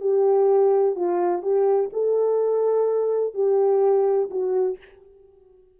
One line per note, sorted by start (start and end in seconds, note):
0.00 0.95 G4
0.96 1.42 F4
1.42 1.90 G4
1.93 3.34 A4
3.34 4.29 G4
4.30 4.78 F#4